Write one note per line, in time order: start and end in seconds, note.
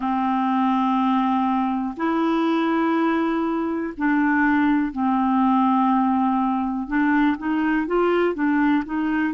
0.00 1.94 C4
1.96 3.93 E4
3.97 4.92 D4
4.92 6.87 C4
6.87 7.36 D4
7.37 7.86 D#4
7.86 8.34 F4
8.34 8.83 D4
8.85 9.34 D#4